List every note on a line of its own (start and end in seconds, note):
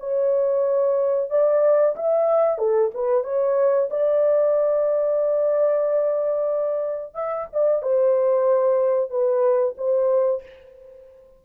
0.00 1.30 C#5
1.30 1.95 D5
1.96 2.58 E5
2.58 2.91 A4
2.94 3.24 B4
3.24 3.89 C#5
3.90 7.14 D5
7.14 7.47 E5
7.52 7.82 D5
7.82 9.10 C5
9.10 9.75 B4
9.77 10.43 C5